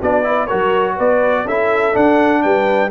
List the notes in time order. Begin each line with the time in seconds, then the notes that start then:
0.00 B3 D4 F#4 D5
0.23 E4 B4
0.46 F#4 A#4 C#5
0.53 F#3
0.95 B3 B4 D5
1.45 C#4 E4 A4 E5
1.92 D4 F#5
2.42 G3 B4 G5